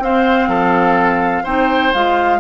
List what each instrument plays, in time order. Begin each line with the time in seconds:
0.00 bassoon C4, clarinet C4, oboe C5, flute F5
0.48 bassoon F3, oboe A4
1.44 bassoon C4, clarinet D#4, oboe C5, flute G5
1.94 bassoon G#3, clarinet F4, flute F5